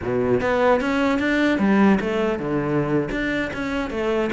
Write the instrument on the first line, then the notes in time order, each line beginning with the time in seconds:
cello
0.01 B2
0.41 B3
0.81 C#4
1.19 D4
1.58 G3
2.00 A3
2.39 D3
3.11 D4
3.53 C#4
3.90 A3